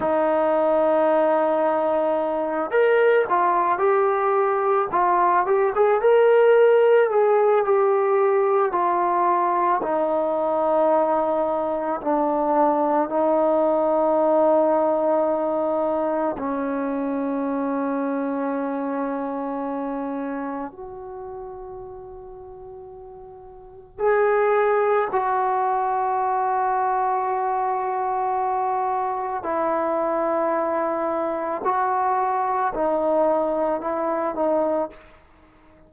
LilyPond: \new Staff \with { instrumentName = "trombone" } { \time 4/4 \tempo 4 = 55 dis'2~ dis'8 ais'8 f'8 g'8~ | g'8 f'8 g'16 gis'16 ais'4 gis'8 g'4 | f'4 dis'2 d'4 | dis'2. cis'4~ |
cis'2. fis'4~ | fis'2 gis'4 fis'4~ | fis'2. e'4~ | e'4 fis'4 dis'4 e'8 dis'8 | }